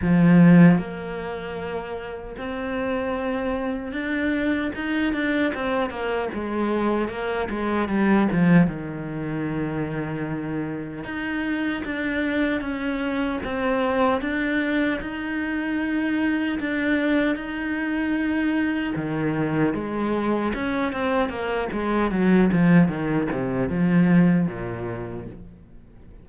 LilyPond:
\new Staff \with { instrumentName = "cello" } { \time 4/4 \tempo 4 = 76 f4 ais2 c'4~ | c'4 d'4 dis'8 d'8 c'8 ais8 | gis4 ais8 gis8 g8 f8 dis4~ | dis2 dis'4 d'4 |
cis'4 c'4 d'4 dis'4~ | dis'4 d'4 dis'2 | dis4 gis4 cis'8 c'8 ais8 gis8 | fis8 f8 dis8 c8 f4 ais,4 | }